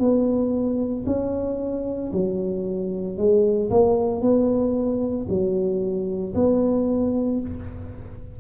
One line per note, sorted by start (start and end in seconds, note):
0.00 1.05 B3
1.07 2.12 C#4
2.13 3.18 F#3
3.18 3.70 G#3
3.71 4.22 A#3
4.22 5.27 B3
5.30 6.35 F#3
6.35 7.41 B3